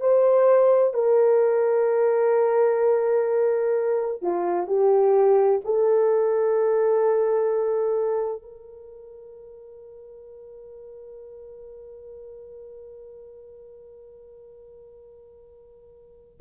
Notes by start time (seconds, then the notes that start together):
0.00 C5
0.94 A#4
4.22 F4
4.67 G4
5.65 A4
8.42 A#4